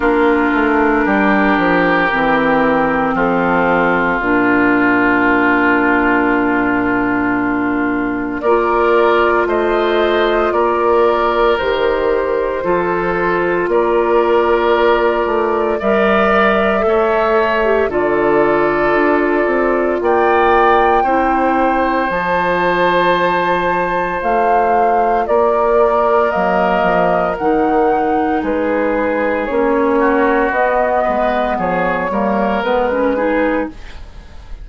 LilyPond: <<
  \new Staff \with { instrumentName = "flute" } { \time 4/4 \tempo 4 = 57 ais'2. a'4 | ais'1 | d''4 dis''4 d''4 c''4~ | c''4 d''2 e''4~ |
e''4 d''2 g''4~ | g''4 a''2 f''4 | d''4 dis''4 fis''4 b'4 | cis''4 dis''4 cis''4 b'4 | }
  \new Staff \with { instrumentName = "oboe" } { \time 4/4 f'4 g'2 f'4~ | f'1 | ais'4 c''4 ais'2 | a'4 ais'2 d''4 |
cis''4 a'2 d''4 | c''1 | ais'2. gis'4~ | gis'8 fis'4 b'8 gis'8 ais'4 gis'8 | }
  \new Staff \with { instrumentName = "clarinet" } { \time 4/4 d'2 c'2 | d'1 | f'2. g'4 | f'2. ais'4 |
a'8. g'16 f'2. | e'4 f'2.~ | f'4 ais4 dis'2 | cis'4 b4. ais8 b16 cis'16 dis'8 | }
  \new Staff \with { instrumentName = "bassoon" } { \time 4/4 ais8 a8 g8 f8 e4 f4 | ais,1 | ais4 a4 ais4 dis4 | f4 ais4. a8 g4 |
a4 d4 d'8 c'8 ais4 | c'4 f2 a4 | ais4 fis8 f8 dis4 gis4 | ais4 b8 gis8 f8 g8 gis4 | }
>>